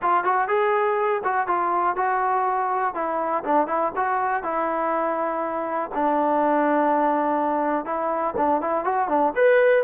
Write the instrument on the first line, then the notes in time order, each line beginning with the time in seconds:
trombone
0.01 F4
0.23 F#4
0.48 G#4
1.23 F#4
1.47 F4
1.96 F#4
2.94 E4
3.43 D4
3.67 E4
3.96 F#4
4.43 E4
5.94 D4
7.85 E4
8.37 D4
8.61 E4
8.84 F#4
9.08 D4
9.35 B4